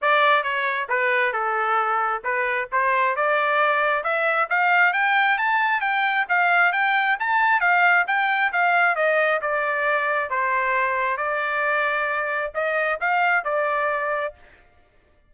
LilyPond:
\new Staff \with { instrumentName = "trumpet" } { \time 4/4 \tempo 4 = 134 d''4 cis''4 b'4 a'4~ | a'4 b'4 c''4 d''4~ | d''4 e''4 f''4 g''4 | a''4 g''4 f''4 g''4 |
a''4 f''4 g''4 f''4 | dis''4 d''2 c''4~ | c''4 d''2. | dis''4 f''4 d''2 | }